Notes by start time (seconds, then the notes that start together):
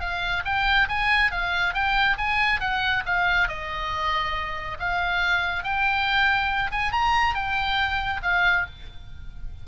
0.00 F5
0.45 G5
0.88 G#5
1.31 F5
1.74 G5
2.18 G#5
2.60 F#5
3.06 F5
3.48 D#5
4.79 F5
5.63 G5
6.71 G#5
6.92 A#5
7.35 G5
8.23 F5